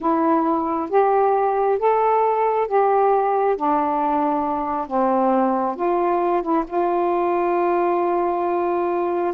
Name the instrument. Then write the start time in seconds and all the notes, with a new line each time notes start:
saxophone
0.01 E4
0.89 G4
1.78 A4
2.67 G4
3.56 D4
4.87 C4
5.76 F4
6.42 E4
6.67 F4